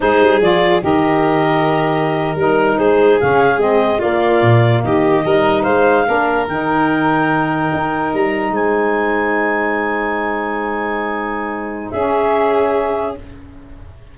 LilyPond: <<
  \new Staff \with { instrumentName = "clarinet" } { \time 4/4 \tempo 4 = 146 c''4 d''4 dis''2~ | dis''4.~ dis''16 ais'4 c''4 f''16~ | f''8. dis''4 d''2 dis''16~ | dis''4.~ dis''16 f''2 g''16~ |
g''2.~ g''8. ais''16~ | ais''8. gis''2.~ gis''16~ | gis''1~ | gis''4 e''2. | }
  \new Staff \with { instrumentName = "violin" } { \time 4/4 gis'2 ais'2~ | ais'2~ ais'8. gis'4~ gis'16~ | gis'4.~ gis'16 f'2 g'16~ | g'8. ais'4 c''4 ais'4~ ais'16~ |
ais'1~ | ais'8. c''2.~ c''16~ | c''1~ | c''4 gis'2. | }
  \new Staff \with { instrumentName = "saxophone" } { \time 4/4 dis'4 f'4 g'2~ | g'4.~ g'16 dis'2 cis'16~ | cis'8. c'4 ais2~ ais16~ | ais8. dis'2 d'4 dis'16~ |
dis'1~ | dis'1~ | dis'1~ | dis'4 cis'2. | }
  \new Staff \with { instrumentName = "tuba" } { \time 4/4 gis8 g8 f4 dis2~ | dis4.~ dis16 g4 gis4 cis16~ | cis8. gis4 ais4 ais,4 dis16~ | dis8. g4 gis4 ais4 dis16~ |
dis2~ dis8. dis'4 g16~ | g8. gis2.~ gis16~ | gis1~ | gis4 cis'2. | }
>>